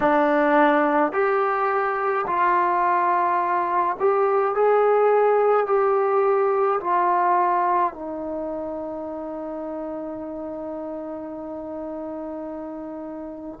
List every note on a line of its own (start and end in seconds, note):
0.00 1.12 D4
1.12 2.25 G4
2.26 3.96 F4
3.99 4.54 G4
4.54 5.66 G#4
5.66 6.79 G4
6.80 7.93 F4
7.93 13.59 D#4